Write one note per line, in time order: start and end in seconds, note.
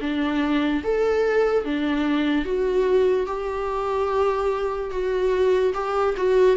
0.00 0.82 D4
0.84 1.64 A4
1.64 2.45 D4
2.45 3.26 F#4
3.26 4.90 G4
4.91 5.73 F#4
5.74 6.15 G4
6.16 6.56 F#4